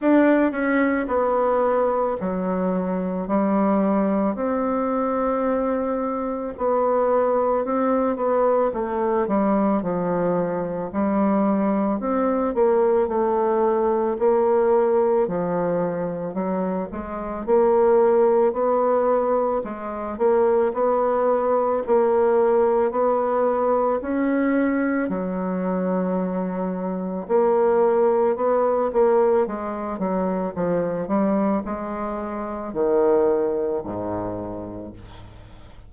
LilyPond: \new Staff \with { instrumentName = "bassoon" } { \time 4/4 \tempo 4 = 55 d'8 cis'8 b4 fis4 g4 | c'2 b4 c'8 b8 | a8 g8 f4 g4 c'8 ais8 | a4 ais4 f4 fis8 gis8 |
ais4 b4 gis8 ais8 b4 | ais4 b4 cis'4 fis4~ | fis4 ais4 b8 ais8 gis8 fis8 | f8 g8 gis4 dis4 gis,4 | }